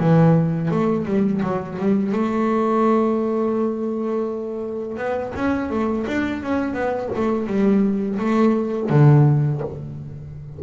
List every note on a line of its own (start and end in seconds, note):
0.00 0.71 E3
0.71 1.06 A3
1.06 1.42 G3
1.43 1.79 F#3
1.79 2.13 G3
2.13 4.98 A3
4.98 5.33 B3
5.36 5.71 C#4
5.71 6.06 A3
6.08 6.43 D4
6.43 6.74 C#4
6.74 7.10 B3
7.16 7.47 A3
7.47 8.19 G3
8.19 8.90 A3
8.90 9.62 D3